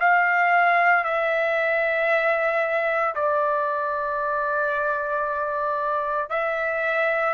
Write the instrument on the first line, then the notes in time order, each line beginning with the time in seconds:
trumpet
0.00 F5
1.04 E5
3.15 D5
6.30 E5